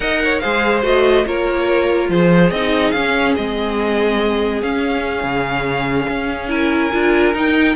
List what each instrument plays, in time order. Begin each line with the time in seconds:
0.00 cello D#4, viola A#4, violin D#5 F#5
0.23 violin C#5
0.39 cello G#3, viola G#4, violin C5 F5
0.82 cello A3, viola F#4, violin D#5
1.25 cello A#3, viola F4, violin A#4 C#5
2.09 cello F3, violin G#4 C5
2.50 cello C4, viola D#4, violin D#5
2.91 cello C#4, viola C#4, violin F5
3.35 cello G#3, viola C4, violin D#5
4.61 cello C#4, viola C#4, violin F5
5.23 cello C#3
6.08 cello C#4
6.48 viola E4, violin A#4 G#5
6.92 cello D4, viola F4
7.33 viola D#4, cello D#4, violin G5